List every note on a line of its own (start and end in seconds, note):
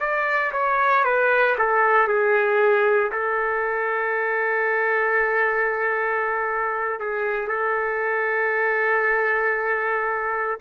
0.00 0.52 D5
0.52 1.04 C#5
1.04 1.56 B4
1.58 2.08 A4
2.08 3.11 G#4
3.12 7.00 A4
7.00 7.48 G#4
7.48 10.58 A4